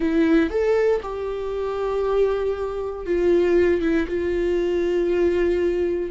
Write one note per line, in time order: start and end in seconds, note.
0.00 0.49 E4
0.49 1.00 A4
1.02 3.05 G4
3.06 3.81 F4
3.81 4.06 E4
4.07 6.10 F4